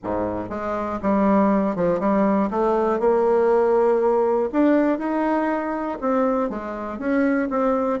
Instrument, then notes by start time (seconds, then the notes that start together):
bassoon
0.03 G#2
0.49 G#3
1.02 G3
1.75 F3
1.99 G3
2.50 A3
2.99 A#3
4.52 D4
4.98 D#4
6.00 C4
6.49 G#3
6.98 C#4
7.50 C4